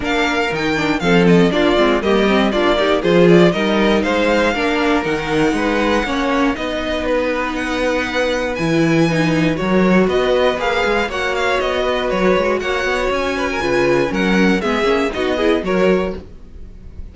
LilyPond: <<
  \new Staff \with { instrumentName = "violin" } { \time 4/4 \tempo 4 = 119 f''4 g''4 f''8 dis''8 d''4 | dis''4 d''4 c''8 d''8 dis''4 | f''2 fis''2~ | fis''4 dis''4 b'4 fis''4~ |
fis''4 gis''2 cis''4 | dis''4 f''4 fis''8 f''8 dis''4 | cis''4 fis''4 gis''2 | fis''4 e''4 dis''4 cis''4 | }
  \new Staff \with { instrumentName = "violin" } { \time 4/4 ais'2 a'4 f'4 | g'4 f'8 g'8 gis'4 ais'4 | c''4 ais'2 b'4 | cis''4 b'2.~ |
b'2. ais'4 | b'2 cis''4. b'8~ | b'4 cis''4. b'16 ais'16 b'4 | ais'4 gis'4 fis'8 gis'8 ais'4 | }
  \new Staff \with { instrumentName = "viola" } { \time 4/4 d'4 dis'8 d'8 c'4 d'8 c'8 | ais8 c'8 d'8 dis'8 f'4 dis'4~ | dis'4 d'4 dis'2 | cis'4 dis'2.~ |
dis'4 e'4 dis'4 fis'4~ | fis'4 gis'4 fis'2~ | fis'2. f'4 | cis'4 b8 cis'8 dis'8 e'8 fis'4 | }
  \new Staff \with { instrumentName = "cello" } { \time 4/4 ais4 dis4 f4 ais8 gis8 | g4 ais4 f4 g4 | gis4 ais4 dis4 gis4 | ais4 b2.~ |
b4 e2 fis4 | b4 ais8 gis8 ais4 b4 | fis8 gis8 ais8 b8 cis'4 cis4 | fis4 gis8 ais8 b4 fis4 | }
>>